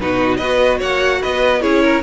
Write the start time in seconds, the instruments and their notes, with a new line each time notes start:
0.00 cello B2, viola D#4, violin F#4 B4
0.37 cello B3, viola F#4, violin B4 D#5
0.79 cello A#3, violin C#5 F#5
1.22 cello B3, violin B4 D#5
1.60 cello C#4, viola E4, violin G#4 C#5
1.83 violin A#4